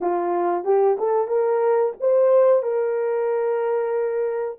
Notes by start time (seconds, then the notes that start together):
0.00 F4
0.64 G4
0.98 A4
1.27 A#4
2.00 C5
2.62 A#4